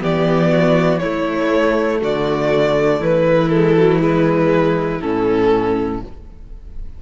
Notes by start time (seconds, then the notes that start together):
0.00 E3 B3 G4 D5
0.51 F#4
0.99 A3 E4 C#5
2.02 D3 F#4 D5
2.99 E3 E4 B4
3.49 G#3 A4
3.77 F#3
3.99 G#3 B4
5.01 A2 C#4 A4